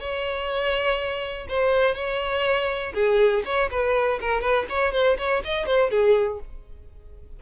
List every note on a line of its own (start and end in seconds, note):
0.00 1.48 C#5
1.49 1.95 C5
1.95 2.94 C#5
2.94 3.43 G#4
3.45 3.70 C#5
3.71 4.20 B4
4.21 4.41 A#4
4.41 4.66 B4
4.70 4.93 C#5
4.93 5.18 C5
5.18 5.43 C#5
5.45 5.66 D#5
5.66 5.91 C5
5.91 6.40 G#4